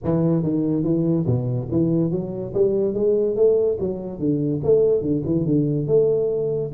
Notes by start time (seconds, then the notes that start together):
0.03 E3
0.43 D#3
0.83 E3
1.26 B2
1.71 E3
2.11 F#3
2.54 G3
2.94 G#3
3.36 A3
3.80 F#3
4.19 D3
4.63 A3
5.01 D3
5.25 E3
5.45 D3
5.87 A3